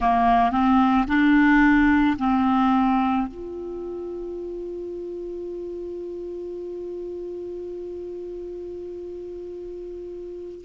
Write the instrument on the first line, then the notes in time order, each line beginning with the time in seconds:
clarinet
0.00 A#3
0.51 C4
1.07 D4
2.18 C4
3.27 F4